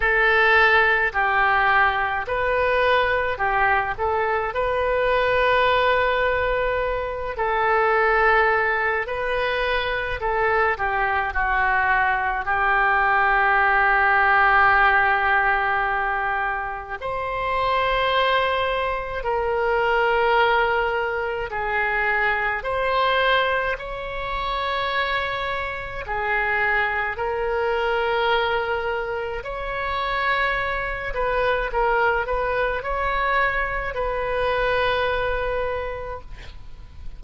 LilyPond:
\new Staff \with { instrumentName = "oboe" } { \time 4/4 \tempo 4 = 53 a'4 g'4 b'4 g'8 a'8 | b'2~ b'8 a'4. | b'4 a'8 g'8 fis'4 g'4~ | g'2. c''4~ |
c''4 ais'2 gis'4 | c''4 cis''2 gis'4 | ais'2 cis''4. b'8 | ais'8 b'8 cis''4 b'2 | }